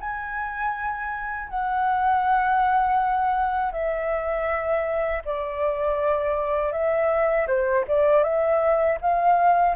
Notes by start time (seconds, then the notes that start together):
0.00 G#5
1.49 F#5
3.72 E5
5.25 D5
6.72 E5
7.47 C5
7.88 D5
8.23 E5
9.01 F5